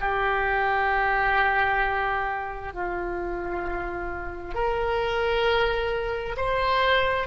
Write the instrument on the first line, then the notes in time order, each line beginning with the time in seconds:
oboe
0.00 G4
2.73 F4
4.54 A#4
6.36 C5